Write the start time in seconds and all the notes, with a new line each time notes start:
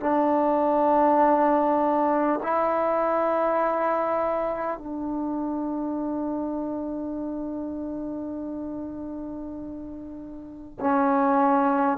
0.00 D4
2.43 E4
4.78 D4
10.80 C#4